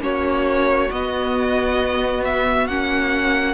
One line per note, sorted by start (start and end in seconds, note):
0.00 0.88 A#3
0.00 0.88 C#4
0.00 3.54 F#4
0.00 0.91 C#5
0.91 2.68 B3
0.91 2.69 B3
0.91 2.23 D#5
2.24 2.67 E5
2.67 3.54 A#3
2.67 3.54 C#4
2.67 3.54 F#5